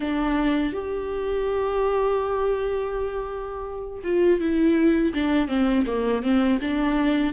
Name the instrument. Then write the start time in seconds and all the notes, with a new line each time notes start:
viola
0.00 D4
0.73 G4
4.03 F4
4.40 E4
5.14 D4
5.48 C4
5.86 A#3
6.22 C4
6.61 D4